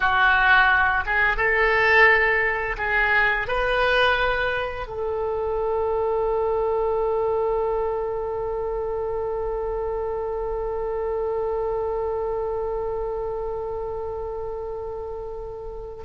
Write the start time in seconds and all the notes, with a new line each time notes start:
0.00 F#4
1.06 G#4
1.36 A4
2.77 G#4
3.47 B4
4.87 A4